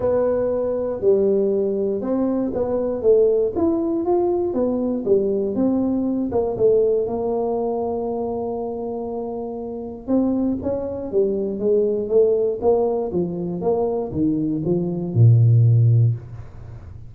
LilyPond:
\new Staff \with { instrumentName = "tuba" } { \time 4/4 \tempo 4 = 119 b2 g2 | c'4 b4 a4 e'4 | f'4 b4 g4 c'4~ | c'8 ais8 a4 ais2~ |
ais1 | c'4 cis'4 g4 gis4 | a4 ais4 f4 ais4 | dis4 f4 ais,2 | }